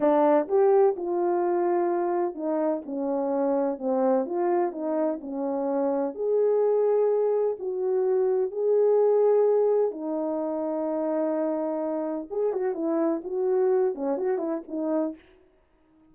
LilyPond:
\new Staff \with { instrumentName = "horn" } { \time 4/4 \tempo 4 = 127 d'4 g'4 f'2~ | f'4 dis'4 cis'2 | c'4 f'4 dis'4 cis'4~ | cis'4 gis'2. |
fis'2 gis'2~ | gis'4 dis'2.~ | dis'2 gis'8 fis'8 e'4 | fis'4. cis'8 fis'8 e'8 dis'4 | }